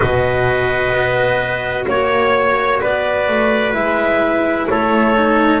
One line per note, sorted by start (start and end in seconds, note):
0.00 0.92 B2
0.00 3.72 F#4
0.00 1.86 B4
0.00 1.86 D#5
0.92 1.85 B3
1.87 2.81 A#3
1.87 2.81 C#5
1.87 2.80 C#5
2.80 3.28 B3
2.80 4.68 B4
2.80 3.73 D5
3.28 3.74 A3
3.72 4.68 G#3
3.72 5.13 E4
3.72 4.67 E5
4.69 5.60 A3
4.69 5.60 A4
4.69 5.60 C#5
5.16 5.60 D#4